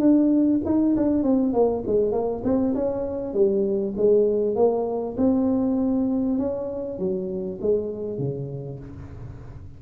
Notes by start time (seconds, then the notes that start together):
0.00 D4
0.66 D#4
0.97 D4
1.23 C4
1.53 A#3
1.87 G#3
2.12 A#3
2.44 C4
2.75 C#4
3.34 G3
3.97 G#3
4.56 A#3
5.17 C4
6.39 C#4
6.99 F#3
7.62 G#3
8.19 C#3